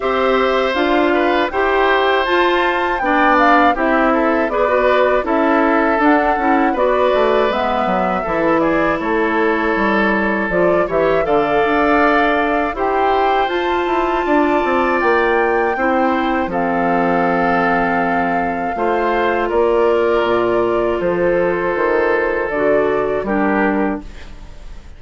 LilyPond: <<
  \new Staff \with { instrumentName = "flute" } { \time 4/4 \tempo 4 = 80 e''4 f''4 g''4 a''4 | g''8 f''8 e''4 d''4 e''4 | fis''4 d''4 e''4. d''8 | cis''2 d''8 e''8 f''4~ |
f''4 g''4 a''2 | g''2 f''2~ | f''2 d''2 | c''2 d''4 ais'4 | }
  \new Staff \with { instrumentName = "oboe" } { \time 4/4 c''4. b'8 c''2 | d''4 g'8 a'8 b'4 a'4~ | a'4 b'2 a'8 gis'8 | a'2~ a'8 cis''8 d''4~ |
d''4 c''2 d''4~ | d''4 c''4 a'2~ | a'4 c''4 ais'2 | a'2. g'4 | }
  \new Staff \with { instrumentName = "clarinet" } { \time 4/4 g'4 f'4 g'4 f'4 | d'4 e'4 gis'16 fis'8. e'4 | d'8 e'8 fis'4 b4 e'4~ | e'2 f'8 g'8 a'4~ |
a'4 g'4 f'2~ | f'4 e'4 c'2~ | c'4 f'2.~ | f'2 fis'4 d'4 | }
  \new Staff \with { instrumentName = "bassoon" } { \time 4/4 c'4 d'4 e'4 f'4 | b4 c'4 b4 cis'4 | d'8 cis'8 b8 a8 gis8 fis8 e4 | a4 g4 f8 e8 d8 d'8~ |
d'4 e'4 f'8 e'8 d'8 c'8 | ais4 c'4 f2~ | f4 a4 ais4 ais,4 | f4 dis4 d4 g4 | }
>>